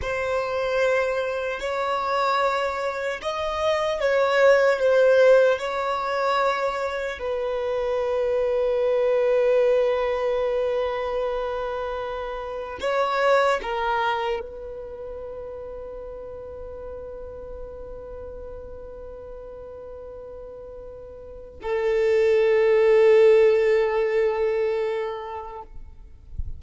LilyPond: \new Staff \with { instrumentName = "violin" } { \time 4/4 \tempo 4 = 75 c''2 cis''2 | dis''4 cis''4 c''4 cis''4~ | cis''4 b'2.~ | b'1 |
cis''4 ais'4 b'2~ | b'1~ | b'2. a'4~ | a'1 | }